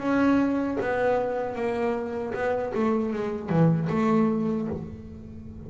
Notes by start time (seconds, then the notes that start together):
0.00 C#4
0.81 B3
1.56 A#3
2.34 B3
2.75 A3
3.13 G#3
3.50 E3
3.90 A3